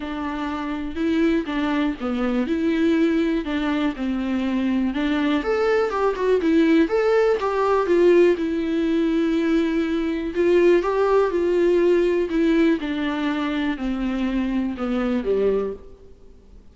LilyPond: \new Staff \with { instrumentName = "viola" } { \time 4/4 \tempo 4 = 122 d'2 e'4 d'4 | b4 e'2 d'4 | c'2 d'4 a'4 | g'8 fis'8 e'4 a'4 g'4 |
f'4 e'2.~ | e'4 f'4 g'4 f'4~ | f'4 e'4 d'2 | c'2 b4 g4 | }